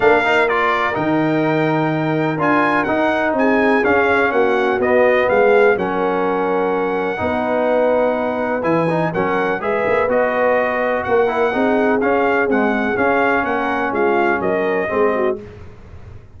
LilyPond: <<
  \new Staff \with { instrumentName = "trumpet" } { \time 4/4 \tempo 4 = 125 f''4 d''4 g''2~ | g''4 gis''4 fis''4 gis''4 | f''4 fis''4 dis''4 f''4 | fis''1~ |
fis''2 gis''4 fis''4 | e''4 dis''2 fis''4~ | fis''4 f''4 fis''4 f''4 | fis''4 f''4 dis''2 | }
  \new Staff \with { instrumentName = "horn" } { \time 4/4 ais'1~ | ais'2. gis'4~ | gis'4 fis'2 gis'4 | ais'2. b'4~ |
b'2. ais'4 | b'2. ais'4 | gis'1 | ais'4 f'4 ais'4 gis'8 fis'8 | }
  \new Staff \with { instrumentName = "trombone" } { \time 4/4 d'8 dis'8 f'4 dis'2~ | dis'4 f'4 dis'2 | cis'2 b2 | cis'2. dis'4~ |
dis'2 e'8 dis'8 cis'4 | gis'4 fis'2~ fis'8 e'8 | dis'4 cis'4 gis4 cis'4~ | cis'2. c'4 | }
  \new Staff \with { instrumentName = "tuba" } { \time 4/4 ais2 dis2~ | dis4 d'4 dis'4 c'4 | cis'4 ais4 b4 gis4 | fis2. b4~ |
b2 e4 fis4 | gis8 ais8 b2 ais4 | c'4 cis'4 c'4 cis'4 | ais4 gis4 fis4 gis4 | }
>>